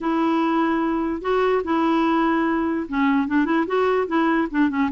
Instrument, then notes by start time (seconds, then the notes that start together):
clarinet
0.00 E4
1.21 F#4
1.64 E4
2.88 C#4
3.27 D4
3.45 E4
3.66 F#4
4.07 E4
4.50 D4
4.69 C#4